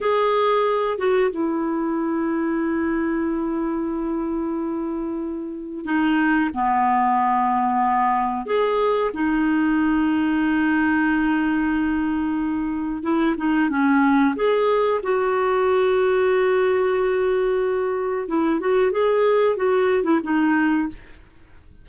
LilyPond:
\new Staff \with { instrumentName = "clarinet" } { \time 4/4 \tempo 4 = 92 gis'4. fis'8 e'2~ | e'1~ | e'4 dis'4 b2~ | b4 gis'4 dis'2~ |
dis'1 | e'8 dis'8 cis'4 gis'4 fis'4~ | fis'1 | e'8 fis'8 gis'4 fis'8. e'16 dis'4 | }